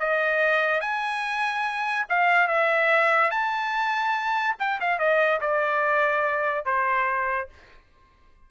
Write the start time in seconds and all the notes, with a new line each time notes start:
0.00 D#5
0.81 G#5
2.10 F5
2.48 E5
3.31 A5
4.60 G5
4.81 F5
4.99 D#5
5.41 D5
6.66 C5